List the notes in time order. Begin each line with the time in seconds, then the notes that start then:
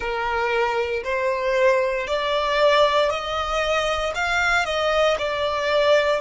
0.00 A#4
1.03 C5
2.07 D5
3.09 D#5
4.14 F5
4.65 D#5
5.18 D5